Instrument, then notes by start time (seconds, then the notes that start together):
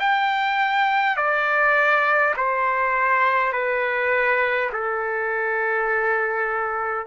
trumpet
0.00 G5
1.17 D5
2.36 C5
3.53 B4
4.73 A4